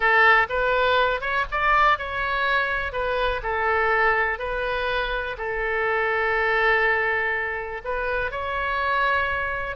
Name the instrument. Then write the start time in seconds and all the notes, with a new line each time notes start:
oboe
0.00 A4
0.49 B4
1.21 C#5
1.51 D5
1.98 C#5
2.92 B4
3.42 A4
4.38 B4
5.37 A4
7.84 B4
8.31 C#5